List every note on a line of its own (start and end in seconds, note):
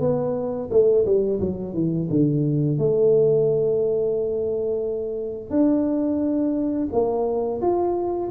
0.00 0.69 B3
0.70 1.05 A3
1.05 1.40 G3
1.40 1.74 F#3
1.74 2.08 E3
2.10 2.78 D3
2.78 5.50 A3
5.50 6.88 D4
6.92 7.61 A#3
7.61 8.30 F4